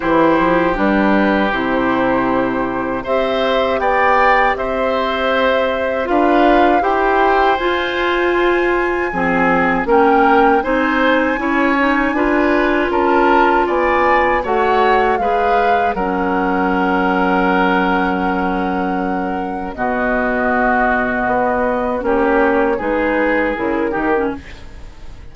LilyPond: <<
  \new Staff \with { instrumentName = "flute" } { \time 4/4 \tempo 4 = 79 c''4 b'4 c''2 | e''4 g''4 e''2 | f''4 g''4 gis''2~ | gis''4 g''4 gis''2~ |
gis''4 a''4 gis''4 fis''4 | f''4 fis''2.~ | fis''2 dis''2~ | dis''4 cis''4 b'4 ais'4 | }
  \new Staff \with { instrumentName = "oboe" } { \time 4/4 g'1 | c''4 d''4 c''2 | b'4 c''2. | gis'4 ais'4 c''4 cis''4 |
b'4 ais'4 d''4 cis''4 | b'4 ais'2.~ | ais'2 fis'2~ | fis'4 g'4 gis'4. g'8 | }
  \new Staff \with { instrumentName = "clarinet" } { \time 4/4 e'4 d'4 e'2 | g'1 | f'4 g'4 f'2 | c'4 cis'4 dis'4 e'8 dis'8 |
f'2. fis'4 | gis'4 cis'2.~ | cis'2 b2~ | b4 cis'4 dis'4 e'8 dis'16 cis'16 | }
  \new Staff \with { instrumentName = "bassoon" } { \time 4/4 e8 f8 g4 c2 | c'4 b4 c'2 | d'4 e'4 f'2 | f4 ais4 c'4 cis'4 |
d'4 cis'4 b4 a4 | gis4 fis2.~ | fis2 b,2 | b4 ais4 gis4 cis8 dis8 | }
>>